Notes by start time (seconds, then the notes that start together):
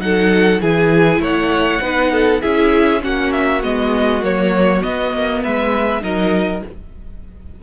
0.00 F#3 D#4 A4 F#5
0.62 E3 E4 G#4 G#5
1.20 A3 C#5 F#5
1.81 B3 D#4 B4
2.12 A4
2.42 C#4 E4 G#4 E5
3.01 A#3 C#4 F#4 F#5
3.32 E5
3.63 G#3 B3 D#5
4.22 F#3 A#3 C#5
4.82 B3 D#5
5.14 A#3
5.42 G#3 B4 E5
6.01 F#3 D#4 A#4 D#5